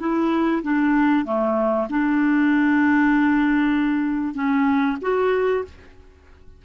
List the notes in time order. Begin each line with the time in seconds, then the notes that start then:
0.00 E4
0.63 D4
1.26 A3
1.90 D4
4.35 C#4
5.02 F#4